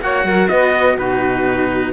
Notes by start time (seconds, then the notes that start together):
0.00 A#3 F#4 C#5 F#5
0.23 F#3 A#4
0.48 B3 B4 D#5
0.95 B2 D#4 F#4 B4